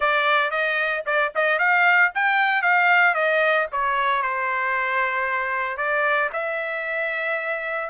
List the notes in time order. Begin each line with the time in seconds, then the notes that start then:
0.00 D5
0.50 D#5
1.06 D5
1.35 D#5
1.58 F5
2.14 G5
2.61 F5
3.14 D#5
3.72 C#5
4.22 C5
5.77 D5
6.32 E5